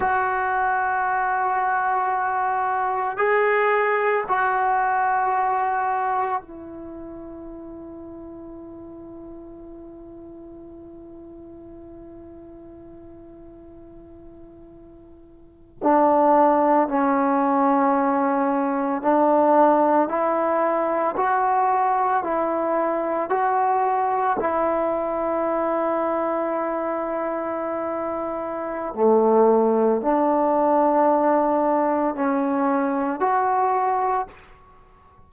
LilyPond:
\new Staff \with { instrumentName = "trombone" } { \time 4/4 \tempo 4 = 56 fis'2. gis'4 | fis'2 e'2~ | e'1~ | e'2~ e'8. d'4 cis'16~ |
cis'4.~ cis'16 d'4 e'4 fis'16~ | fis'8. e'4 fis'4 e'4~ e'16~ | e'2. a4 | d'2 cis'4 fis'4 | }